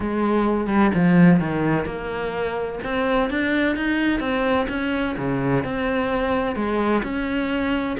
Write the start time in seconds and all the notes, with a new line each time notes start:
0.00 G#3
0.67 G3
0.94 F3
1.40 D#3
1.85 A#3
2.83 C4
3.30 D4
3.76 D#4
4.20 C4
4.68 C#4
5.17 C#3
5.64 C4
6.55 G#3
7.03 C#4